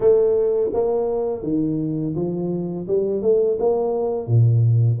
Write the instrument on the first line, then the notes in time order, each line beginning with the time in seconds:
tuba
0.00 A3
0.73 A#3
1.43 D#3
2.15 F3
2.87 G3
3.21 A3
3.59 A#3
4.27 A#2